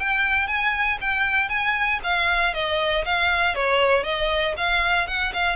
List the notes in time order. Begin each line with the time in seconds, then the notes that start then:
0.00 G5
0.48 G#5
1.01 G5
1.49 G#5
2.04 F5
2.54 D#5
3.05 F5
3.55 C#5
4.04 D#5
4.57 F5
5.08 F#5
5.34 F5